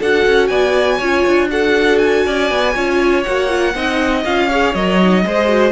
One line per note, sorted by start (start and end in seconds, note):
0.00 0.26 D4
0.00 1.02 F#4
0.00 0.50 A4
0.00 0.48 F#5
0.27 0.50 C#4
0.48 1.00 B3
0.48 0.98 D5
0.48 1.48 G#5
0.98 1.26 C#4
0.98 1.50 F4
0.98 1.48 C#5
1.27 2.27 D4
1.50 2.75 F#4
1.50 2.27 A4
1.50 1.99 F#5
1.99 3.24 G#5
2.27 2.51 C#4
2.27 2.75 D5
2.51 2.76 B3
2.75 3.26 C#4
2.75 3.25 F4
2.75 3.75 C#5
3.24 3.75 A#3
3.24 3.49 F#4
3.24 4.24 F#5
3.49 3.74 F4
3.75 4.25 C4
3.75 4.25 D#4
3.75 4.48 D#5
4.26 4.75 C#4
4.26 4.51 F4
4.26 4.75 F5
4.48 4.76 G#4
4.48 5.23 C#5
4.75 5.25 F#3
4.75 5.02 A#4
4.75 5.72 D#5
5.02 5.25 D#4
5.25 5.72 G#3
5.25 5.48 G#4
5.25 5.72 C5
5.48 5.72 F#4